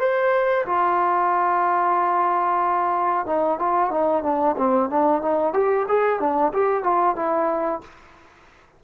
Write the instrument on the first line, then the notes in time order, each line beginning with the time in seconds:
trombone
0.00 C5
0.66 F4
3.26 D#4
3.59 F4
3.91 D#4
4.23 D4
4.58 C4
4.90 D4
5.22 D#4
5.54 G4
5.88 G#4
6.20 D4
6.53 G4
6.84 F4
7.16 E4